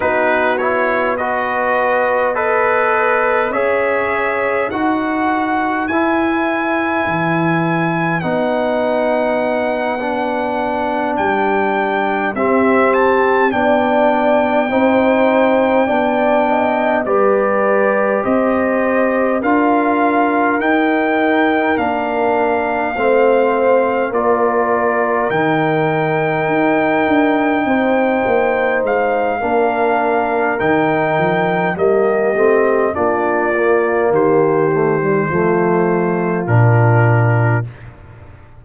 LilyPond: <<
  \new Staff \with { instrumentName = "trumpet" } { \time 4/4 \tempo 4 = 51 b'8 cis''8 dis''4 b'4 e''4 | fis''4 gis''2 fis''4~ | fis''4. g''4 e''8 a''8 g''8~ | g''2~ g''8 d''4 dis''8~ |
dis''8 f''4 g''4 f''4.~ | f''8 d''4 g''2~ g''8~ | g''8 f''4. g''4 dis''4 | d''4 c''2 ais'4 | }
  \new Staff \with { instrumentName = "horn" } { \time 4/4 fis'4 b'4 dis''4 cis''4 | b'1~ | b'2~ b'8 g'4 d''8~ | d''8 c''4 d''8 dis''8 b'4 c''8~ |
c''8 ais'2. c''8~ | c''8 ais'2. c''8~ | c''4 ais'2 g'4 | f'4 g'4 f'2 | }
  \new Staff \with { instrumentName = "trombone" } { \time 4/4 dis'8 e'8 fis'4 a'4 gis'4 | fis'4 e'2 dis'4~ | dis'8 d'2 c'4 d'8~ | d'8 dis'4 d'4 g'4.~ |
g'8 f'4 dis'4 d'4 c'8~ | c'8 f'4 dis'2~ dis'8~ | dis'4 d'4 dis'4 ais8 c'8 | d'8 ais4 a16 g16 a4 d'4 | }
  \new Staff \with { instrumentName = "tuba" } { \time 4/4 b2. cis'4 | dis'4 e'4 e4 b4~ | b4. g4 c'4 b8~ | b8 c'4 b4 g4 c'8~ |
c'8 d'4 dis'4 ais4 a8~ | a8 ais4 dis4 dis'8 d'8 c'8 | ais8 gis8 ais4 dis8 f8 g8 a8 | ais4 dis4 f4 ais,4 | }
>>